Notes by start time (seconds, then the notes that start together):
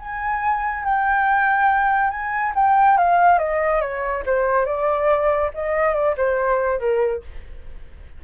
0.00 G#5
0.85 G5
2.11 G#5
2.56 G5
2.98 F5
3.39 D#5
3.81 C#5
4.26 C5
4.66 D5
5.55 D#5
5.95 D5
6.18 C5
6.80 A#4